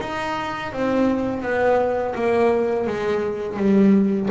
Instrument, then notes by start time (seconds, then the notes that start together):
double bass
0.00 D#4
0.73 C4
1.42 B3
2.15 A#3
2.87 G#3
3.57 G3